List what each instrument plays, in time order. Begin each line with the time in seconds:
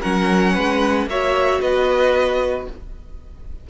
0.00 cello F#3, viola C#4, violin A#4 F#5
0.53 cello G#3, violin B4
1.06 cello A#3, viola F#4, violin C#5 E5
1.61 cello B3, violin B4 D#5